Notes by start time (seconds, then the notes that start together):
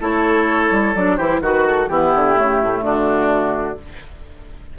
0.00 A3 E4 A4 C#5
0.71 G3
0.95 F#3 D4 D5
1.16 E3 E4 G4 C5
1.41 D#3 F#4 B4
1.66 A4
1.88 E3 B3 E4 G4
2.15 D3
2.34 C#3 A3
2.62 A2
2.81 D3 D4 F#4